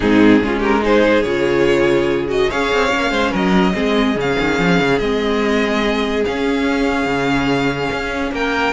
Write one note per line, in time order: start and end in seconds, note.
0.00 0.42 G#2
0.00 0.41 C4
0.00 0.41 D#4
0.00 0.60 G#4
0.41 1.24 G#3
0.41 0.81 C#4
0.41 0.59 F4
0.59 0.80 G4
0.59 0.84 A#4
0.81 1.23 D#4
0.81 2.49 G#4
0.81 1.22 C5
1.22 2.49 C#3
1.22 2.28 F4
1.22 2.27 C#5
2.28 2.48 F#4
2.28 2.50 D#5
2.49 2.71 C#4
2.49 2.89 G#4
2.49 3.11 C#5
2.49 3.34 F5
2.72 2.93 C4
2.89 3.10 A#3
2.89 3.72 C#4
3.10 3.31 G#3
3.10 3.31 C5
3.31 3.75 F#3
3.31 3.73 A#4
3.31 4.19 D#5
3.73 4.15 G#3
3.73 4.15 C4
3.73 8.32 G#4
4.15 4.36 C#3
4.15 5.01 C#4
4.15 4.98 F5
4.39 4.59 D#3
4.59 4.79 F3
4.79 4.99 C#3
4.98 6.24 G#3
4.98 6.26 C4
4.98 6.23 D#5
6.25 8.73 C#4
6.25 7.06 C#4
6.25 8.33 F5
7.06 7.89 C#3
7.91 8.31 C#4
8.31 8.73 A#3
8.31 8.73 A#4
8.31 8.73 G5